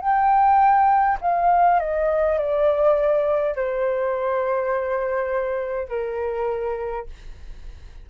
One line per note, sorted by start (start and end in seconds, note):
0.00 1.18 G5
1.21 1.80 F5
1.80 2.38 D#5
2.38 3.55 D5
3.55 5.88 C5
5.88 7.06 A#4